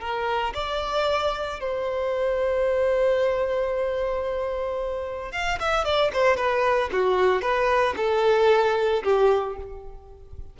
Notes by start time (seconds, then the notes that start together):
0.00 A#4
0.54 D5
1.60 C5
5.32 F5
5.59 E5
5.84 D5
6.13 C5
6.36 B4
6.92 F#4
7.41 B4
7.96 A4
9.03 G4